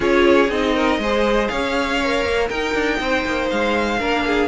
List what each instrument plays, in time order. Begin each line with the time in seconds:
0.00 cello C#4, viola F4, violin G#4 C#5
0.49 cello C4, viola D#4, violin D#5
0.74 violin A#4
0.98 cello G#3, viola G#4, violin C5
1.48 cello C#4, violin C#5 F5
2.04 viola A#4
2.24 cello A#3
2.48 cello D#4, viola D#4, violin A#4 G5
2.74 cello D4
3.00 cello C4, violin C5
3.25 cello A#3
3.50 cello G#3, violin F5
3.99 cello A#3, viola D4, violin A#4
4.26 violin G#4